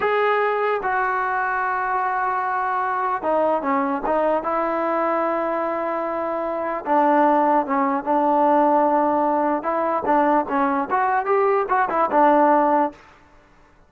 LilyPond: \new Staff \with { instrumentName = "trombone" } { \time 4/4 \tempo 4 = 149 gis'2 fis'2~ | fis'1 | dis'4 cis'4 dis'4 e'4~ | e'1~ |
e'4 d'2 cis'4 | d'1 | e'4 d'4 cis'4 fis'4 | g'4 fis'8 e'8 d'2 | }